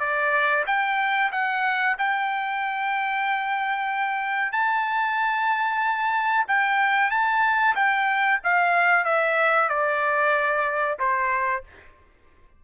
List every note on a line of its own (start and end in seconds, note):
0.00 0.65 D5
0.67 1.31 G5
1.32 1.97 F#5
1.98 4.52 G5
4.52 6.46 A5
6.48 7.11 G5
7.11 7.75 A5
7.76 8.40 G5
8.44 9.05 F5
9.05 9.69 E5
9.69 10.98 D5
10.99 11.64 C5